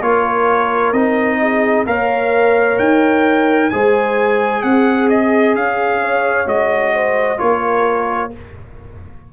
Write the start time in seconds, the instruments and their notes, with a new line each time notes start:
0.00 tuba A#3, trombone F4, horn A#4, trumpet C#5
0.92 tuba C4, trombone D#4, trumpet D#5
1.41 horn G#4
1.86 tuba A#3, trombone A#4, horn C#5, trumpet F5
2.78 tuba D#4, trumpet G5
3.70 tuba G#3, trombone G#4, horn C5, trumpet G#5
4.62 tuba C4, horn G#4, trumpet F#5
5.09 trumpet D#5
5.55 tuba C#4, trumpet F5
6.01 horn C#5
6.46 tuba G#3, trombone F#4, trumpet D#5
6.93 horn C5
7.37 tuba A#3, trombone F4, horn A#4, trumpet C#5